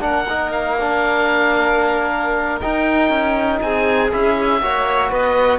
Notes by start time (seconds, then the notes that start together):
0.00 A#3 D4 A#4 F#5
0.30 D#4
0.52 F5
0.80 D4
2.61 D#4 G5
3.10 C#4
3.61 C4 G#4 G#5
4.12 C#4 E4 E5
4.62 A#3 F#4 C#5
5.10 B3 B4 D#5